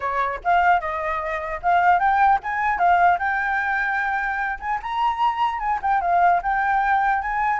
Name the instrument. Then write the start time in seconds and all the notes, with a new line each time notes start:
flute
0.00 C#5
0.43 F5
0.80 D#5
1.62 F5
1.99 G5
2.43 G#5
2.78 F5
3.19 G5
4.59 G#5
4.82 A#5
5.59 G#5
5.82 G5
6.01 F5
6.42 G5
7.22 G#5